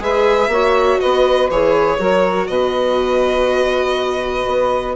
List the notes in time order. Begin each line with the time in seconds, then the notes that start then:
0.00 G#3 G#4 B4 E5
0.48 A#3 F#4 C#5
1.00 B3 B4 D#5
1.50 E3 G#4 C#5
1.98 F#3 F#4 A#4
2.47 B2 B4 D#5
4.47 B3